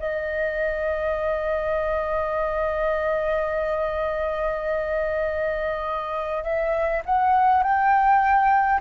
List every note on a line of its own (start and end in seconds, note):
0.00 6.44 D#5
6.44 7.03 E5
7.06 7.63 F#5
7.63 8.81 G5